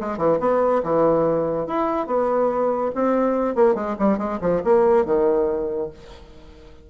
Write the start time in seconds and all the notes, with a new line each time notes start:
0.00 G#3
0.18 E3
0.40 B3
0.83 E3
1.67 E4
2.07 B3
2.95 C4
3.56 A#3
3.75 G#3
3.99 G3
4.18 G#3
4.41 F3
4.64 A#3
5.06 D#3